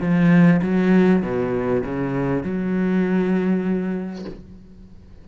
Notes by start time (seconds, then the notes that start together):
0.00 F3
0.62 F#3
1.22 B2
1.84 C#3
2.43 F#3